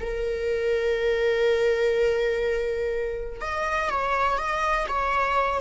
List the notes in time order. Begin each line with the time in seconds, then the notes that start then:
0.00 A#4
3.41 D#5
3.90 C#5
4.38 D#5
4.88 C#5